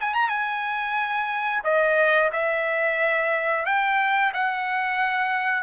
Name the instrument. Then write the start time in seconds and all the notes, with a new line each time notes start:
trumpet
0.00 G#5
0.14 A#5
0.29 G#5
1.64 D#5
2.32 E5
3.65 G5
4.33 F#5